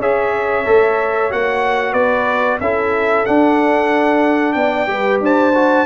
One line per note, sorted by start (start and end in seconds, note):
0.00 0.66 C#4
0.00 0.65 G#4
0.00 1.93 C#5
0.00 1.32 E5
0.65 1.32 A3
0.65 1.30 A4
1.30 1.94 A#3
1.30 2.61 F#4
1.30 1.94 F#5
1.93 2.59 B3
1.93 2.58 B4
1.93 2.59 D5
2.61 3.26 C#4
2.61 3.26 E4
2.61 4.57 A4
2.61 3.26 E5
3.26 4.88 D4
3.26 4.55 D4
3.26 4.53 F#5
4.53 4.88 B3
4.53 4.91 D5
4.53 5.18 G5
4.88 5.21 G3
4.88 5.53 G4
4.88 5.23 B4
5.21 5.86 D4
5.21 5.87 C5
5.21 5.87 A5
5.55 5.87 F#4